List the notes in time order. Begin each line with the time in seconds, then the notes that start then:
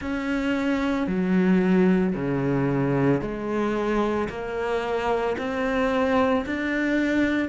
0.01 C#4
1.07 F#3
2.15 C#3
3.21 G#3
4.29 A#3
5.38 C4
6.46 D4